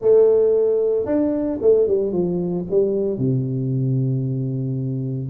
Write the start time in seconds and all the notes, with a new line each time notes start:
0.01 A3
1.05 D4
1.61 A3
1.87 G3
2.12 F3
2.70 G3
3.18 C3